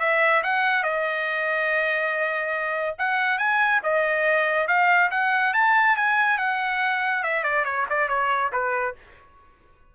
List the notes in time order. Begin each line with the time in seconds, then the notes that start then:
0.00 E5
0.44 F#5
0.83 D#5
2.99 F#5
3.38 G#5
3.84 D#5
4.68 F5
5.11 F#5
5.54 A5
5.97 G#5
6.38 F#5
7.23 E5
7.44 D5
7.65 C#5
7.90 D5
8.09 C#5
8.53 B4